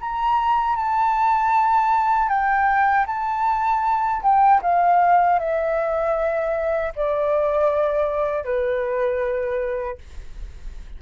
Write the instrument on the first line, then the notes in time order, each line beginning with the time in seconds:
flute
0.00 A#5
0.76 A5
2.29 G5
3.06 A5
4.22 G5
4.62 F5
5.39 E5
6.95 D5
8.44 B4